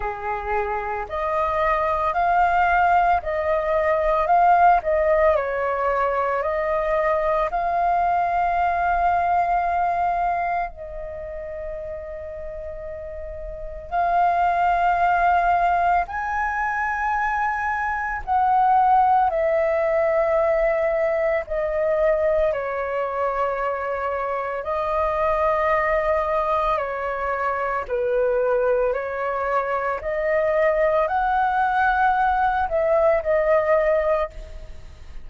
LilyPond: \new Staff \with { instrumentName = "flute" } { \time 4/4 \tempo 4 = 56 gis'4 dis''4 f''4 dis''4 | f''8 dis''8 cis''4 dis''4 f''4~ | f''2 dis''2~ | dis''4 f''2 gis''4~ |
gis''4 fis''4 e''2 | dis''4 cis''2 dis''4~ | dis''4 cis''4 b'4 cis''4 | dis''4 fis''4. e''8 dis''4 | }